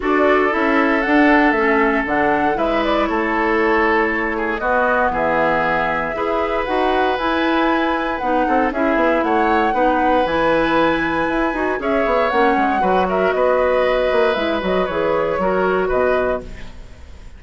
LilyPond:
<<
  \new Staff \with { instrumentName = "flute" } { \time 4/4 \tempo 4 = 117 d''4 e''4 fis''4 e''4 | fis''4 e''8 d''8 cis''2~ | cis''4 dis''4 e''2~ | e''4 fis''4 gis''2 |
fis''4 e''4 fis''2 | gis''2. e''4 | fis''4. e''8 dis''2 | e''8 dis''8 cis''2 dis''4 | }
  \new Staff \with { instrumentName = "oboe" } { \time 4/4 a'1~ | a'4 b'4 a'2~ | a'8 gis'8 fis'4 gis'2 | b'1~ |
b'8 a'8 gis'4 cis''4 b'4~ | b'2. cis''4~ | cis''4 b'8 ais'8 b'2~ | b'2 ais'4 b'4 | }
  \new Staff \with { instrumentName = "clarinet" } { \time 4/4 fis'4 e'4 d'4 cis'4 | d'4 e'2.~ | e'4 b2. | gis'4 fis'4 e'2 |
dis'4 e'2 dis'4 | e'2~ e'8 fis'8 gis'4 | cis'4 fis'2. | e'8 fis'8 gis'4 fis'2 | }
  \new Staff \with { instrumentName = "bassoon" } { \time 4/4 d'4 cis'4 d'4 a4 | d4 gis4 a2~ | a4 b4 e2 | e'4 dis'4 e'2 |
b8 c'8 cis'8 b8 a4 b4 | e2 e'8 dis'8 cis'8 b8 | ais8 gis8 fis4 b4. ais8 | gis8 fis8 e4 fis4 b,4 | }
>>